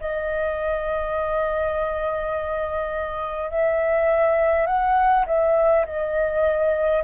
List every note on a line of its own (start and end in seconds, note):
0.00 3.51 D#5
3.51 4.66 E5
4.66 5.25 F#5
5.26 5.85 E5
5.86 7.04 D#5